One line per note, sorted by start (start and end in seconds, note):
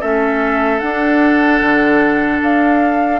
0.00 0.81 A3
0.00 0.81 C#4
0.00 3.20 A4
0.00 0.79 E5
0.79 3.20 D4
0.79 1.61 D4
0.79 2.39 F#5
1.61 2.41 D3
2.42 3.20 D4
2.42 3.20 F5